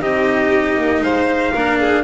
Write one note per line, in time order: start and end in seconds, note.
0.00 0.76 C4
0.00 1.54 D#4
0.00 1.02 G4
0.00 1.03 D#5
0.77 1.01 A#3
1.01 1.52 G#3
1.01 1.53 C5
1.01 2.04 F5
1.53 2.04 A#3
1.53 2.04 D4
1.53 1.79 A#4
1.79 2.04 G#4